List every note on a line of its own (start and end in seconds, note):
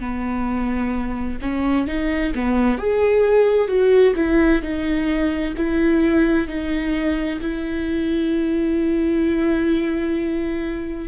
0.00 1.38 B3
1.41 1.87 C#4
1.87 2.33 D#4
2.35 2.78 B3
2.78 3.68 G#4
3.68 4.14 F#4
4.15 4.62 E4
4.62 5.54 D#4
5.57 6.47 E4
6.47 7.40 D#4
7.41 11.08 E4